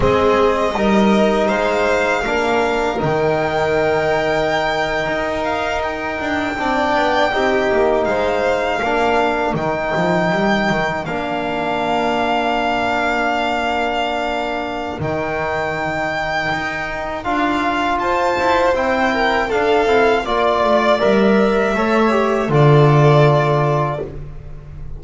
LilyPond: <<
  \new Staff \with { instrumentName = "violin" } { \time 4/4 \tempo 4 = 80 dis''2 f''2 | g''2.~ g''16 f''8 g''16~ | g''2~ g''8. f''4~ f''16~ | f''8. g''2 f''4~ f''16~ |
f''1 | g''2. f''4 | a''4 g''4 f''4 d''4 | e''2 d''2 | }
  \new Staff \with { instrumentName = "violin" } { \time 4/4 gis'4 ais'4 c''4 ais'4~ | ais'1~ | ais'8. d''4 g'4 c''4 ais'16~ | ais'1~ |
ais'1~ | ais'1 | c''4. ais'8 a'4 d''4~ | d''4 cis''4 a'2 | }
  \new Staff \with { instrumentName = "trombone" } { \time 4/4 c'4 dis'2 d'4 | dis'1~ | dis'8. d'4 dis'2 d'16~ | d'8. dis'2 d'4~ d'16~ |
d'1 | dis'2. f'4~ | f'4 e'4 d'8 e'8 f'4 | ais'4 a'8 g'8 f'2 | }
  \new Staff \with { instrumentName = "double bass" } { \time 4/4 gis4 g4 gis4 ais4 | dis2~ dis8. dis'4~ dis'16~ | dis'16 d'8 c'8 b8 c'8 ais8 gis4 ais16~ | ais8. dis8 f8 g8 dis8 ais4~ ais16~ |
ais1 | dis2 dis'4 d'4 | f'8 e'8 c'4 d'8 c'8 ais8 a8 | g4 a4 d2 | }
>>